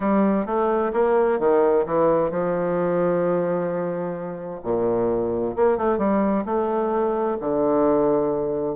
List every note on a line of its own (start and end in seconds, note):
0.00 0.46 G3
0.46 0.92 A3
0.93 1.39 A#3
1.39 1.85 D#3
1.86 2.30 E3
2.30 4.60 F3
4.63 5.55 A#2
5.56 5.77 A#3
5.77 5.98 A3
5.98 6.44 G3
6.45 7.37 A3
7.40 8.76 D3